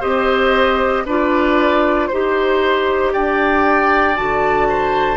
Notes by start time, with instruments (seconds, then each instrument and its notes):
0.00 bassoon C4, clarinet G4, oboe C5, flute D#5
1.05 bassoon D4, clarinet F4, oboe B4, flute D5
2.07 bassoon D#4, clarinet G4, flute C5, oboe C5
3.13 bassoon D4, oboe D5, flute G5
4.15 bassoon D3, clarinet F#4, flute A5
4.69 oboe C5